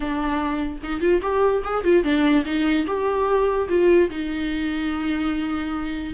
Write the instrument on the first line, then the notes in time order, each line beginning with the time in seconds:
viola
0.00 D4
0.83 D#4
1.00 F4
1.22 G4
1.64 G#4
1.83 F4
2.03 D4
2.45 D#4
2.86 G4
3.68 F4
4.09 D#4